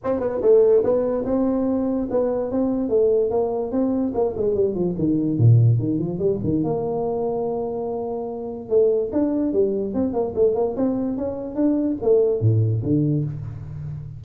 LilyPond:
\new Staff \with { instrumentName = "tuba" } { \time 4/4 \tempo 4 = 145 c'8 b8 a4 b4 c'4~ | c'4 b4 c'4 a4 | ais4 c'4 ais8 gis8 g8 f8 | dis4 ais,4 dis8 f8 g8 dis8 |
ais1~ | ais4 a4 d'4 g4 | c'8 ais8 a8 ais8 c'4 cis'4 | d'4 a4 a,4 d4 | }